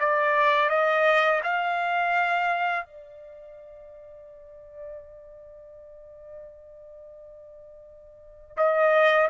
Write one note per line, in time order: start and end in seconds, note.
0.00 0.69 D5
0.69 1.41 D#5
1.43 2.85 F5
2.85 8.56 D5
8.57 9.28 D#5